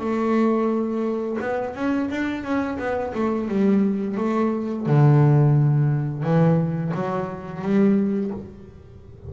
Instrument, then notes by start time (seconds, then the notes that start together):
double bass
0.00 A3
1.41 B3
1.75 C#4
2.10 D4
2.43 C#4
2.79 B3
3.14 A3
3.48 G3
4.17 A3
4.86 D3
6.23 E3
6.94 F#3
7.62 G3